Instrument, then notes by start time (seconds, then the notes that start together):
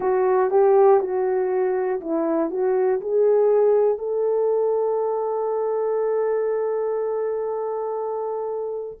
horn
0.00 F#4
0.50 G4
1.00 F#4
2.00 E4
2.50 F#4
3.00 G#4
3.98 A4